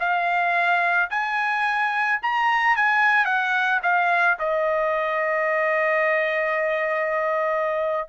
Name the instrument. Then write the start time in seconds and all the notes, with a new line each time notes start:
trumpet
0.00 F5
1.10 G#5
2.23 A#5
2.76 G#5
3.26 F#5
3.83 F5
4.39 D#5